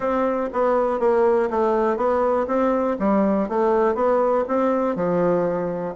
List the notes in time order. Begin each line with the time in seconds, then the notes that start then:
0.00 C4
0.53 B3
0.99 A#3
1.50 A3
1.97 B3
2.47 C4
2.99 G3
3.48 A3
3.94 B3
4.48 C4
4.95 F3